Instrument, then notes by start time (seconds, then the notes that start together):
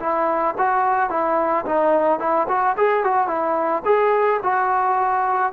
trombone
0.00 E4
0.58 F#4
1.10 E4
1.66 D#4
2.19 E4
2.48 F#4
2.77 G#4
3.04 F#4
3.28 E4
3.85 G#4
4.43 F#4